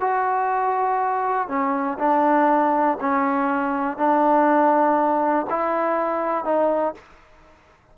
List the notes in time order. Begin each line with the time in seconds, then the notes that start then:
0.00 F#4
1.48 C#4
1.98 D4
3.00 C#4
3.97 D4
5.50 E4
6.44 D#4